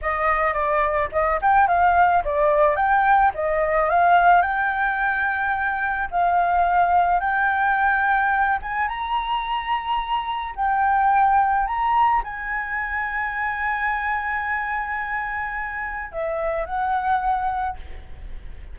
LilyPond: \new Staff \with { instrumentName = "flute" } { \time 4/4 \tempo 4 = 108 dis''4 d''4 dis''8 g''8 f''4 | d''4 g''4 dis''4 f''4 | g''2. f''4~ | f''4 g''2~ g''8 gis''8 |
ais''2. g''4~ | g''4 ais''4 gis''2~ | gis''1~ | gis''4 e''4 fis''2 | }